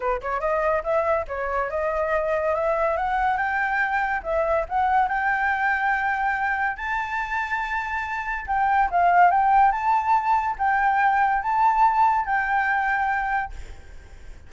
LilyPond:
\new Staff \with { instrumentName = "flute" } { \time 4/4 \tempo 4 = 142 b'8 cis''8 dis''4 e''4 cis''4 | dis''2 e''4 fis''4 | g''2 e''4 fis''4 | g''1 |
a''1 | g''4 f''4 g''4 a''4~ | a''4 g''2 a''4~ | a''4 g''2. | }